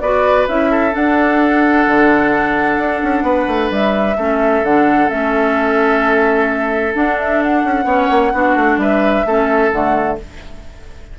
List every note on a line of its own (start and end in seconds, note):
0.00 0.47 B3
0.00 0.48 F#4
0.00 0.70 B4
0.00 0.46 D5
0.48 0.94 C#4
0.48 0.91 E4
0.48 0.94 E5
0.70 3.24 A4
0.91 4.14 D4
0.91 1.87 D4
0.91 3.71 F#5
1.87 2.77 D3
2.77 3.01 D4
3.03 3.22 C#4
3.22 3.45 B3
3.22 4.17 B4
3.47 3.70 A3
3.70 4.16 G3
3.70 4.65 E5
4.16 4.62 A3
4.16 4.65 C#4
4.16 7.85 A4
4.62 5.08 D3
4.62 5.08 D4
4.62 5.09 F#5
5.08 6.94 A3
5.08 6.93 C#4
5.08 6.94 E5
6.93 7.86 D4
6.93 7.63 D4
6.93 7.18 F#5
7.19 7.42 E5
7.42 8.79 F#5
7.64 7.84 C#4
7.84 8.07 B3
7.84 8.32 C#4
7.84 8.31 C#5
8.10 8.32 A#3
8.32 8.55 B3
8.32 9.26 D4
8.32 8.80 F#4
8.55 8.77 A3
8.77 9.23 G3
8.77 9.26 B4
8.77 9.71 E5
9.26 9.72 A3
9.26 9.72 C#4
9.26 10.19 A4
9.71 10.18 D3
9.71 10.18 A3
9.71 10.17 F#5